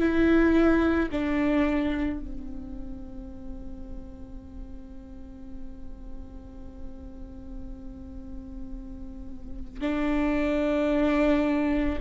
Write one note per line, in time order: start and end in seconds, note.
0.00 1.09 E4
1.11 2.20 D4
2.20 9.81 C4
9.81 11.99 D4